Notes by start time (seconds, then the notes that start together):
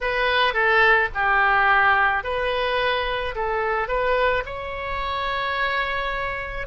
0.00 B4
0.53 A4
1.14 G4
2.23 B4
3.35 A4
3.88 B4
4.45 C#5